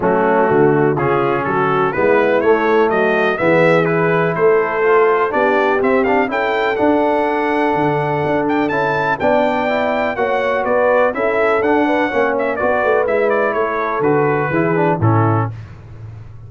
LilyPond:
<<
  \new Staff \with { instrumentName = "trumpet" } { \time 4/4 \tempo 4 = 124 fis'2 gis'4 a'4 | b'4 cis''4 dis''4 e''4 | b'4 c''2 d''4 | e''8 f''8 g''4 fis''2~ |
fis''4. g''8 a''4 g''4~ | g''4 fis''4 d''4 e''4 | fis''4. e''8 d''4 e''8 d''8 | cis''4 b'2 a'4 | }
  \new Staff \with { instrumentName = "horn" } { \time 4/4 cis'4 fis'4 f'4 fis'4 | e'2 fis'4 gis'4~ | gis'4 a'2 g'4~ | g'4 a'2.~ |
a'2. d''4~ | d''4 cis''4 b'4 a'4~ | a'8 b'8 cis''4 b'2 | a'2 gis'4 e'4 | }
  \new Staff \with { instrumentName = "trombone" } { \time 4/4 a2 cis'2 | b4 a2 b4 | e'2 f'4 d'4 | c'8 d'8 e'4 d'2~ |
d'2 e'4 d'4 | e'4 fis'2 e'4 | d'4 cis'4 fis'4 e'4~ | e'4 fis'4 e'8 d'8 cis'4 | }
  \new Staff \with { instrumentName = "tuba" } { \time 4/4 fis4 d4 cis4 fis4 | gis4 a4 fis4 e4~ | e4 a2 b4 | c'4 cis'4 d'2 |
d4 d'4 cis'4 b4~ | b4 ais4 b4 cis'4 | d'4 ais4 b8 a8 gis4 | a4 d4 e4 a,4 | }
>>